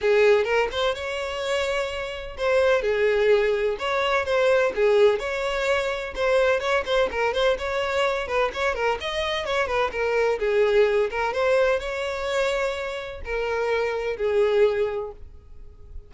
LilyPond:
\new Staff \with { instrumentName = "violin" } { \time 4/4 \tempo 4 = 127 gis'4 ais'8 c''8 cis''2~ | cis''4 c''4 gis'2 | cis''4 c''4 gis'4 cis''4~ | cis''4 c''4 cis''8 c''8 ais'8 c''8 |
cis''4. b'8 cis''8 ais'8 dis''4 | cis''8 b'8 ais'4 gis'4. ais'8 | c''4 cis''2. | ais'2 gis'2 | }